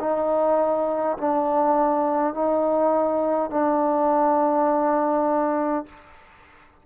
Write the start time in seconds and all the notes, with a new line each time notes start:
0.00 D#4
1.18 D4
2.35 D#4
3.51 D4